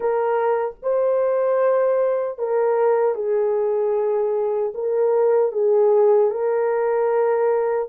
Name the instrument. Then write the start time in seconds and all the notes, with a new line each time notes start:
horn
0.00 A#4
0.82 C5
2.38 A#4
3.14 G#4
4.74 A#4
5.52 G#4
6.31 A#4